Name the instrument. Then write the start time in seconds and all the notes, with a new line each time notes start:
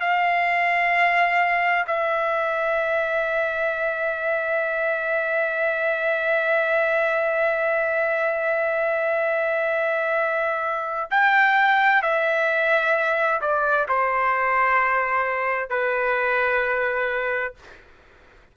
trumpet
0.00 F5
1.87 E5
11.10 G5
12.02 E5
13.41 D5
13.88 C5
15.69 B4